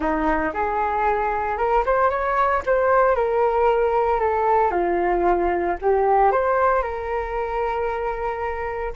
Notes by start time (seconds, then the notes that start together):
0.00 D#4
0.53 G#4
1.57 A#4
1.85 C5
2.10 C#5
2.66 C5
3.15 A#4
4.20 A4
4.71 F4
5.81 G4
6.31 C5
6.82 A#4